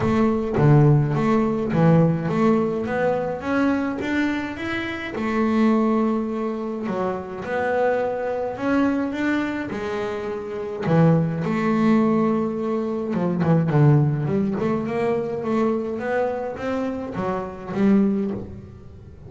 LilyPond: \new Staff \with { instrumentName = "double bass" } { \time 4/4 \tempo 4 = 105 a4 d4 a4 e4 | a4 b4 cis'4 d'4 | e'4 a2. | fis4 b2 cis'4 |
d'4 gis2 e4 | a2. f8 e8 | d4 g8 a8 ais4 a4 | b4 c'4 fis4 g4 | }